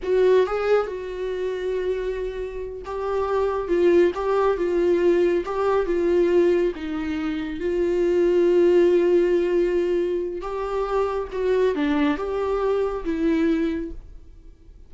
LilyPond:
\new Staff \with { instrumentName = "viola" } { \time 4/4 \tempo 4 = 138 fis'4 gis'4 fis'2~ | fis'2~ fis'8 g'4.~ | g'8 f'4 g'4 f'4.~ | f'8 g'4 f'2 dis'8~ |
dis'4. f'2~ f'8~ | f'1 | g'2 fis'4 d'4 | g'2 e'2 | }